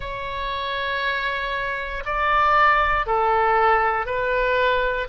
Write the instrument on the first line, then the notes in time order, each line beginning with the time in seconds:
oboe
0.00 C#5
2.05 D5
3.06 A4
4.06 B4